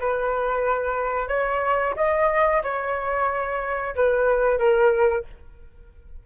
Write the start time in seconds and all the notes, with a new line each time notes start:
0.00 B4
1.29 C#5
1.97 D#5
2.63 C#5
3.96 B4
4.59 A#4